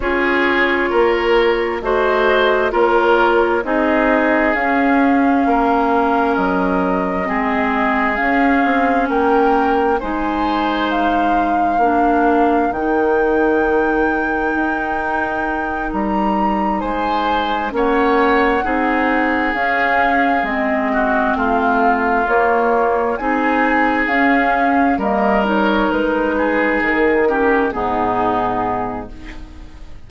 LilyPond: <<
  \new Staff \with { instrumentName = "flute" } { \time 4/4 \tempo 4 = 66 cis''2 dis''4 cis''4 | dis''4 f''2 dis''4~ | dis''4 f''4 g''4 gis''4 | f''2 g''2~ |
g''4. ais''4 gis''4 fis''8~ | fis''4. f''4 dis''4 f''8~ | f''8 cis''4 gis''4 f''4 dis''8 | cis''8 b'4 ais'4 gis'4. | }
  \new Staff \with { instrumentName = "oboe" } { \time 4/4 gis'4 ais'4 c''4 ais'4 | gis'2 ais'2 | gis'2 ais'4 c''4~ | c''4 ais'2.~ |
ais'2~ ais'8 c''4 cis''8~ | cis''8 gis'2~ gis'8 fis'8 f'8~ | f'4. gis'2 ais'8~ | ais'4 gis'4 g'8 dis'4. | }
  \new Staff \with { instrumentName = "clarinet" } { \time 4/4 f'2 fis'4 f'4 | dis'4 cis'2. | c'4 cis'2 dis'4~ | dis'4 d'4 dis'2~ |
dis'2.~ dis'8 cis'8~ | cis'8 dis'4 cis'4 c'4.~ | c'8 ais4 dis'4 cis'4 ais8 | dis'2 cis'8 b4. | }
  \new Staff \with { instrumentName = "bassoon" } { \time 4/4 cis'4 ais4 a4 ais4 | c'4 cis'4 ais4 fis4 | gis4 cis'8 c'8 ais4 gis4~ | gis4 ais4 dis2 |
dis'4. g4 gis4 ais8~ | ais8 c'4 cis'4 gis4 a8~ | a8 ais4 c'4 cis'4 g8~ | g8 gis4 dis4 gis,4. | }
>>